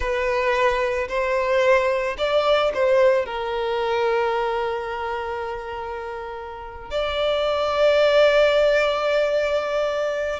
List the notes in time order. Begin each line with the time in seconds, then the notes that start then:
0.00 B4
1.08 C5
2.17 D5
2.74 C5
3.25 A#4
6.90 D5